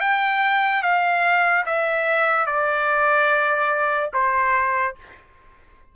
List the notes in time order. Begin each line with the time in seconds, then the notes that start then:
0.00 G5
0.82 F5
1.66 E5
2.46 D5
4.13 C5